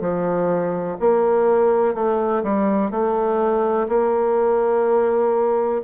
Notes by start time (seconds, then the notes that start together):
0.00 F3
0.99 A#3
1.94 A3
2.43 G3
2.90 A3
3.88 A#3